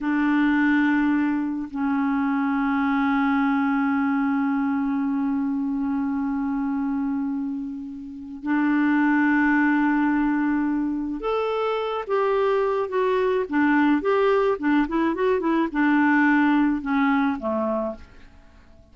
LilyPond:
\new Staff \with { instrumentName = "clarinet" } { \time 4/4 \tempo 4 = 107 d'2. cis'4~ | cis'1~ | cis'1~ | cis'2. d'4~ |
d'1 | a'4. g'4. fis'4 | d'4 g'4 d'8 e'8 fis'8 e'8 | d'2 cis'4 a4 | }